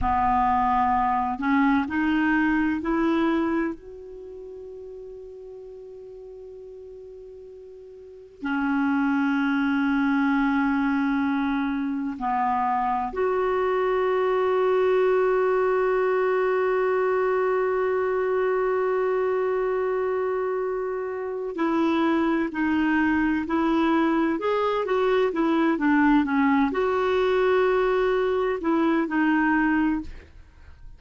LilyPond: \new Staff \with { instrumentName = "clarinet" } { \time 4/4 \tempo 4 = 64 b4. cis'8 dis'4 e'4 | fis'1~ | fis'4 cis'2.~ | cis'4 b4 fis'2~ |
fis'1~ | fis'2. e'4 | dis'4 e'4 gis'8 fis'8 e'8 d'8 | cis'8 fis'2 e'8 dis'4 | }